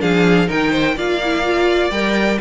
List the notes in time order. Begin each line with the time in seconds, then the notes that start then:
0.00 F3 D4 G#4 F5
0.47 D#3 D#4 A#4 G5
0.71 C5
0.96 A#3 F4 D5 F5
1.24 E4
1.44 F4
1.91 G3 A#4 G5